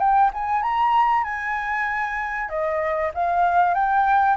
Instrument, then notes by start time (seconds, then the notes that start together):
flute
0.00 G5
0.34 G#5
0.63 A#5
1.24 G#5
2.49 D#5
3.15 F5
3.74 G5